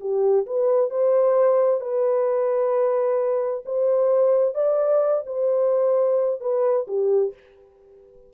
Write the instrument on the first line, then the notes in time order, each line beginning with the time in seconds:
horn
0.00 G4
0.46 B4
0.90 C5
1.80 B4
3.65 C5
4.54 D5
5.26 C5
6.41 B4
6.87 G4